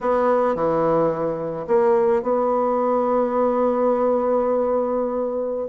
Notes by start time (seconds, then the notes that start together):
0.01 B3
0.55 E3
1.67 A#3
2.22 B3